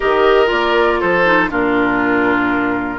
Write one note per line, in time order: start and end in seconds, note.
0.00 0.51 D#3
0.00 0.46 G4
0.00 1.00 A#4
0.00 0.50 D#5
0.46 1.01 A#3
0.46 1.21 F4
0.46 1.00 D5
1.00 1.50 F3
1.00 1.50 A4
1.00 1.50 C5
1.25 1.49 D#4
1.49 2.99 A#2
1.49 2.99 D4
1.49 2.99 F4
1.49 2.99 A#4